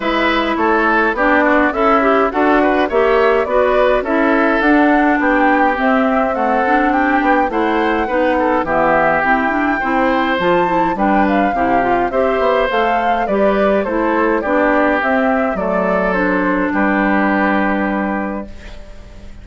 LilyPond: <<
  \new Staff \with { instrumentName = "flute" } { \time 4/4 \tempo 4 = 104 e''4 cis''4 d''4 e''4 | fis''4 e''4 d''4 e''4 | fis''4 g''4 e''4 fis''4 | g''4 fis''2 e''4 |
g''2 a''4 g''8 f''8~ | f''4 e''4 f''4 d''4 | c''4 d''4 e''4 d''4 | c''4 b'2. | }
  \new Staff \with { instrumentName = "oboe" } { \time 4/4 b'4 a'4 g'8 fis'8 e'4 | a'8 b'8 cis''4 b'4 a'4~ | a'4 g'2 a'4 | g'4 c''4 b'8 a'8 g'4~ |
g'4 c''2 b'4 | g'4 c''2 b'4 | a'4 g'2 a'4~ | a'4 g'2. | }
  \new Staff \with { instrumentName = "clarinet" } { \time 4/4 e'2 d'4 a'8 g'8 | fis'4 g'4 fis'4 e'4 | d'2 c'4 a8 d'8~ | d'4 e'4 dis'4 b4 |
c'8 d'8 e'4 f'8 e'8 d'4 | e'8 f'8 g'4 a'4 g'4 | e'4 d'4 c'4 a4 | d'1 | }
  \new Staff \with { instrumentName = "bassoon" } { \time 4/4 gis4 a4 b4 cis'4 | d'4 ais4 b4 cis'4 | d'4 b4 c'2~ | c'8 b8 a4 b4 e4 |
e'4 c'4 f4 g4 | c4 c'8 b8 a4 g4 | a4 b4 c'4 fis4~ | fis4 g2. | }
>>